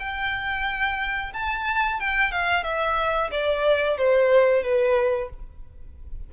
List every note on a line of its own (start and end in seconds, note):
0.00 1.33 G5
1.34 2.01 A5
2.01 2.32 G5
2.32 2.64 F5
2.64 3.31 E5
3.32 3.98 D5
3.98 4.64 C5
4.64 5.30 B4